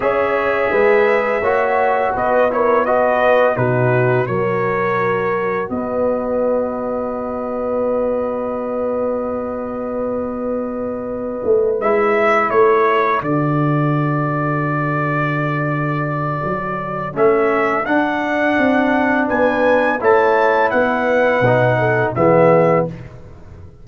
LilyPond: <<
  \new Staff \with { instrumentName = "trumpet" } { \time 4/4 \tempo 4 = 84 e''2. dis''8 cis''8 | dis''4 b'4 cis''2 | dis''1~ | dis''1~ |
dis''8 e''4 cis''4 d''4.~ | d''1 | e''4 fis''2 gis''4 | a''4 fis''2 e''4 | }
  \new Staff \with { instrumentName = "horn" } { \time 4/4 cis''4 b'4 cis''4 b'8 ais'8 | b'4 fis'4 ais'2 | b'1~ | b'1~ |
b'4. a'2~ a'8~ | a'1~ | a'2. b'4 | cis''4 b'4. a'8 gis'4 | }
  \new Staff \with { instrumentName = "trombone" } { \time 4/4 gis'2 fis'4. e'8 | fis'4 dis'4 fis'2~ | fis'1~ | fis'1~ |
fis'8 e'2 fis'4.~ | fis'1 | cis'4 d'2. | e'2 dis'4 b4 | }
  \new Staff \with { instrumentName = "tuba" } { \time 4/4 cis'4 gis4 ais4 b4~ | b4 b,4 fis2 | b1~ | b1 |
a8 gis4 a4 d4.~ | d2. fis4 | a4 d'4 c'4 b4 | a4 b4 b,4 e4 | }
>>